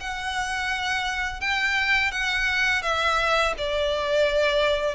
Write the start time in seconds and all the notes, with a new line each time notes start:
0.00 F#5
1.41 G5
2.11 F#5
2.82 E5
3.58 D5